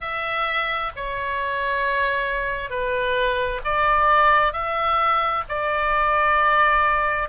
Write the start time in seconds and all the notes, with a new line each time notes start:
0.00 E5
0.95 C#5
2.69 B4
3.64 D5
4.52 E5
5.48 D5